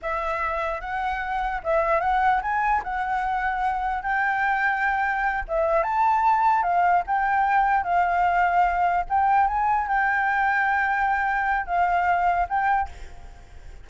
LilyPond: \new Staff \with { instrumentName = "flute" } { \time 4/4 \tempo 4 = 149 e''2 fis''2 | e''4 fis''4 gis''4 fis''4~ | fis''2 g''2~ | g''4. e''4 a''4.~ |
a''8 f''4 g''2 f''8~ | f''2~ f''8 g''4 gis''8~ | gis''8 g''2.~ g''8~ | g''4 f''2 g''4 | }